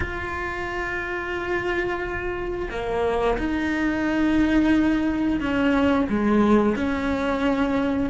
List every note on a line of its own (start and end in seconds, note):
0.00 2.69 F4
2.70 3.37 A#3
3.37 5.40 D#4
5.40 6.07 C#4
6.09 6.76 G#3
6.76 8.10 C#4